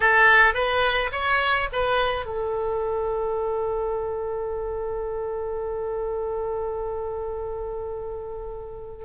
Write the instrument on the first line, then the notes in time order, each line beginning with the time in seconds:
oboe
0.00 A4
0.54 B4
1.12 C#5
1.72 B4
2.25 A4